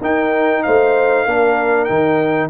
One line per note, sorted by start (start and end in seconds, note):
0.00 0.63 D#4
0.00 1.27 D#4
0.00 0.62 A#4
0.00 0.62 G5
0.62 1.26 A3
0.62 1.25 C5
0.62 1.84 F5
1.25 1.88 A#3
1.25 1.88 D4
1.25 2.49 A#4
1.84 2.49 D#3
1.84 2.49 D#4
1.84 2.47 G5